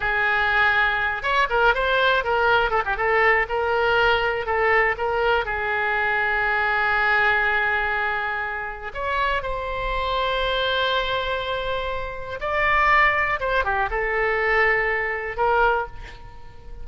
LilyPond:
\new Staff \with { instrumentName = "oboe" } { \time 4/4 \tempo 4 = 121 gis'2~ gis'8 cis''8 ais'8 c''8~ | c''8 ais'4 a'16 g'16 a'4 ais'4~ | ais'4 a'4 ais'4 gis'4~ | gis'1~ |
gis'2 cis''4 c''4~ | c''1~ | c''4 d''2 c''8 g'8 | a'2. ais'4 | }